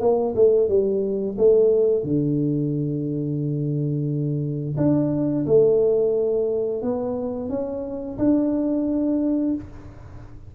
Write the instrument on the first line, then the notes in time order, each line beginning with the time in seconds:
tuba
0.00 A#3
0.35 A3
0.68 G3
1.37 A3
2.03 D3
4.77 D4
5.46 A3
6.82 B3
7.49 C#4
8.18 D4